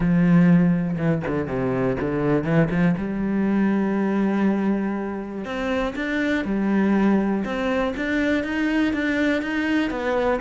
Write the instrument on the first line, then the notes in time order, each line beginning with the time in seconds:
cello
0.00 F3
0.97 E3
1.27 D3
1.47 C3
2.00 D3
2.44 E3
2.70 F3
2.97 G3
5.44 C4
5.95 D4
6.45 G3
7.44 C4
7.96 D4
8.43 D#4
8.93 D4
9.41 D#4
9.90 B3